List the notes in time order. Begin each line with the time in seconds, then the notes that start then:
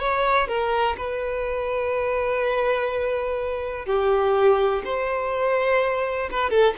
0.00 C#5
0.48 A#4
0.98 B4
3.86 G4
4.85 C5
6.31 B4
6.50 A4